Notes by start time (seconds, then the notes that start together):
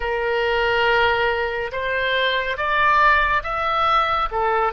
0.00 A#4
1.71 C5
2.57 D5
3.43 E5
4.31 A4